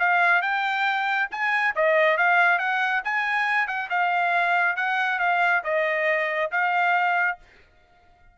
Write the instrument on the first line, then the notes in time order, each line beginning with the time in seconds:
trumpet
0.00 F5
0.42 G5
1.32 G#5
1.76 D#5
2.18 F5
2.59 F#5
3.05 G#5
3.68 F#5
3.90 F5
4.77 F#5
5.20 F5
5.64 D#5
6.52 F5